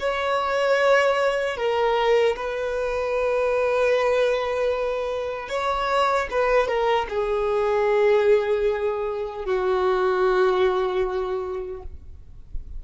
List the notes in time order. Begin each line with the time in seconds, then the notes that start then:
0.00 C#5
1.57 A#4
2.36 B4
5.49 C#5
6.31 B4
6.68 A#4
7.09 G#4
9.46 F#4